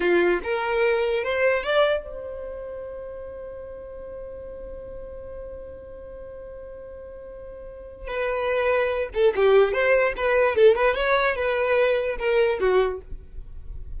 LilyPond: \new Staff \with { instrumentName = "violin" } { \time 4/4 \tempo 4 = 148 f'4 ais'2 c''4 | d''4 c''2.~ | c''1~ | c''1~ |
c''1 | b'2~ b'8 a'8 g'4 | c''4 b'4 a'8 b'8 cis''4 | b'2 ais'4 fis'4 | }